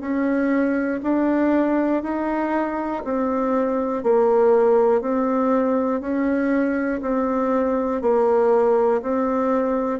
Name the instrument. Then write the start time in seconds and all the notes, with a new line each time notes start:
bassoon
0.00 C#4
1.03 D4
2.02 D#4
3.05 C4
4.03 A#3
5.01 C4
6.00 C#4
7.01 C4
8.02 A#3
9.02 C4